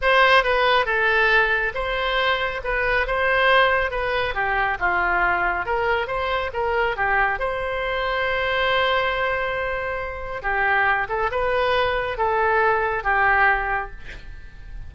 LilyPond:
\new Staff \with { instrumentName = "oboe" } { \time 4/4 \tempo 4 = 138 c''4 b'4 a'2 | c''2 b'4 c''4~ | c''4 b'4 g'4 f'4~ | f'4 ais'4 c''4 ais'4 |
g'4 c''2.~ | c''1 | g'4. a'8 b'2 | a'2 g'2 | }